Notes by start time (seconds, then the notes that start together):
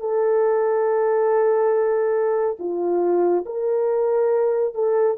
0.00 A4
2.59 F4
3.46 A#4
4.74 A4